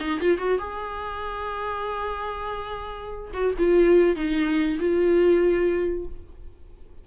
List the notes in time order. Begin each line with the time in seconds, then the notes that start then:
0.00 D#4
0.20 F4
0.38 F#4
0.59 G#4
3.33 F#4
3.58 F4
4.16 D#4
4.79 F4